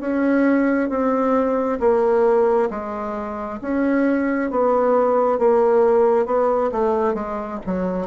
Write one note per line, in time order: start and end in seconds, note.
0.00 0.89 C#4
0.89 1.79 C4
1.80 2.69 A#3
2.70 3.59 G#3
3.61 4.51 C#4
4.51 5.39 B3
5.39 6.26 A#3
6.26 6.70 B3
6.72 7.14 A3
7.14 7.59 G#3
7.66 8.07 F#3